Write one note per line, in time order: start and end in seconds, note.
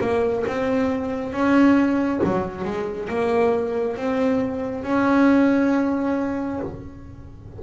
0.00 0.44 A#3
0.47 1.32 C4
1.32 2.20 C#4
2.23 2.64 F#3
2.64 3.08 G#3
3.09 3.96 A#3
3.96 4.83 C4
4.83 6.59 C#4